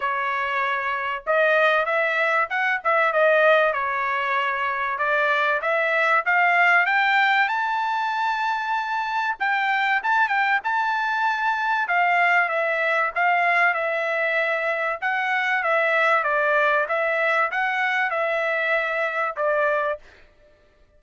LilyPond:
\new Staff \with { instrumentName = "trumpet" } { \time 4/4 \tempo 4 = 96 cis''2 dis''4 e''4 | fis''8 e''8 dis''4 cis''2 | d''4 e''4 f''4 g''4 | a''2. g''4 |
a''8 g''8 a''2 f''4 | e''4 f''4 e''2 | fis''4 e''4 d''4 e''4 | fis''4 e''2 d''4 | }